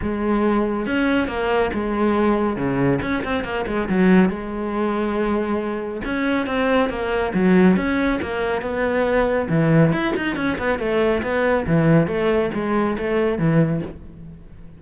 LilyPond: \new Staff \with { instrumentName = "cello" } { \time 4/4 \tempo 4 = 139 gis2 cis'4 ais4 | gis2 cis4 cis'8 c'8 | ais8 gis8 fis4 gis2~ | gis2 cis'4 c'4 |
ais4 fis4 cis'4 ais4 | b2 e4 e'8 dis'8 | cis'8 b8 a4 b4 e4 | a4 gis4 a4 e4 | }